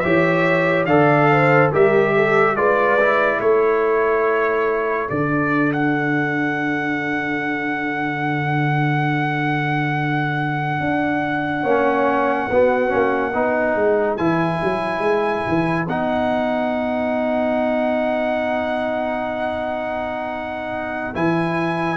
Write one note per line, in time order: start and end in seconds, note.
0.00 0.86 E3
0.00 0.88 G4
0.00 0.87 C#5
0.00 0.85 E5
0.86 1.70 D3
0.86 1.73 A4
0.86 1.29 D5
0.86 1.70 F5
1.32 1.73 C5
1.73 2.55 G3
1.73 2.57 G4
1.73 2.15 A#4
1.73 2.57 E5
2.16 2.58 A4
2.55 3.40 G#3
2.55 2.99 F4
2.55 3.41 B4
2.55 3.41 D5
3.01 5.10 E4
3.41 5.10 A3
3.41 11.62 A4
3.41 5.10 C#5
5.10 10.81 D3
5.10 11.65 D4
5.10 5.73 D5
5.73 14.17 F#5
10.81 11.64 D4
11.62 12.48 A#3
11.62 12.50 C#4
11.62 12.47 C#5
12.51 12.93 B3
12.51 12.89 B3
12.51 13.33 F#4
12.89 13.34 A#3
12.89 13.32 C#4
13.33 13.76 B3
13.33 14.19 D#4
13.33 21.97 B4
13.76 14.18 G#3
14.17 14.60 E3
14.17 15.88 E4
14.17 15.86 G#5
14.63 14.99 F#3
14.99 15.42 G#3
15.49 15.88 E3
15.88 21.16 B3
15.88 21.15 D#4
15.88 21.16 F#5
21.15 21.97 E3
21.15 21.97 E4
21.15 21.97 G#5